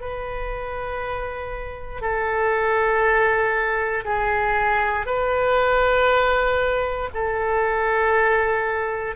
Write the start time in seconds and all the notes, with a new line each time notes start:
0.00 B4
2.01 A4
4.04 G#4
5.06 B4
7.13 A4